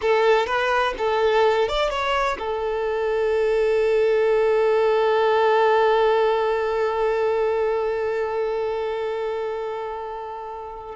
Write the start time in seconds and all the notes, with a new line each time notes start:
0.01 A4
0.46 B4
0.98 A4
1.68 D5
1.89 C#5
2.38 A4